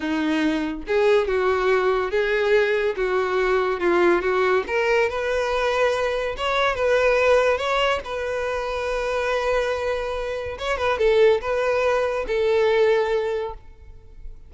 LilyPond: \new Staff \with { instrumentName = "violin" } { \time 4/4 \tempo 4 = 142 dis'2 gis'4 fis'4~ | fis'4 gis'2 fis'4~ | fis'4 f'4 fis'4 ais'4 | b'2. cis''4 |
b'2 cis''4 b'4~ | b'1~ | b'4 cis''8 b'8 a'4 b'4~ | b'4 a'2. | }